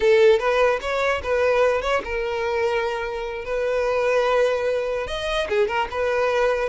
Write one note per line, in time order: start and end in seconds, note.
0.00 0.39 A4
0.39 0.79 B4
0.81 1.21 C#5
1.23 1.81 B4
1.81 2.01 C#5
2.04 3.45 A#4
3.45 5.07 B4
5.07 5.47 D#5
5.49 5.67 G#4
5.67 5.87 A#4
5.90 6.69 B4